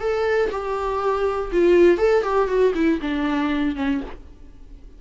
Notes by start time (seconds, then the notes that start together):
0.00 A4
0.51 G4
1.52 F4
1.97 A4
2.23 G4
2.48 F#4
2.74 E4
3.01 D4
3.75 C#4